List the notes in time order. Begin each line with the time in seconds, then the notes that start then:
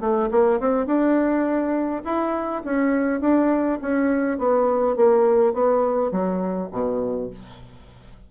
0.00 A3
0.31 A#3
0.60 C4
0.86 D4
2.04 E4
2.65 C#4
3.21 D4
3.81 C#4
4.38 B3
4.96 A#3
5.53 B3
6.11 F#3
6.72 B2